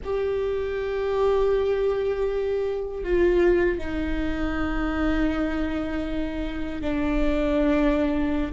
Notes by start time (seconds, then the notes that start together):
0.04 G4
3.03 F4
3.78 D#4
6.81 D4